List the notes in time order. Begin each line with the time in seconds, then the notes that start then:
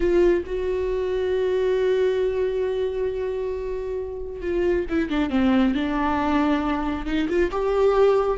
0.00 F4
0.46 F#4
4.41 F4
4.89 E4
5.09 D4
5.30 C4
5.74 D4
7.05 D#4
7.28 F4
7.51 G4